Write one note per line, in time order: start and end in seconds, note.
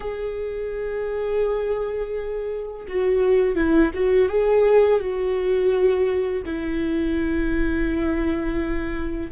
0.00 2.86 G#4
2.87 3.55 F#4
3.55 3.91 E4
3.94 4.28 F#4
4.28 4.99 G#4
4.99 6.42 F#4
6.45 9.31 E4